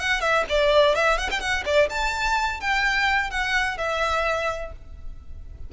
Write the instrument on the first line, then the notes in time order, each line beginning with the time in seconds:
violin
0.00 F#5
0.21 E5
0.49 D5
0.96 E5
1.18 F#5
1.31 G5
1.40 F#5
1.66 D5
1.90 A5
2.60 G5
3.31 F#5
3.78 E5